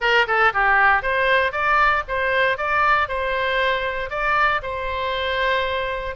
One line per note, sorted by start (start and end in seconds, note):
0.00 0.26 A#4
0.27 0.53 A4
0.53 1.02 G4
1.02 1.52 C5
1.52 2.03 D5
2.08 2.57 C5
2.57 3.08 D5
3.08 4.09 C5
4.09 4.61 D5
4.62 6.15 C5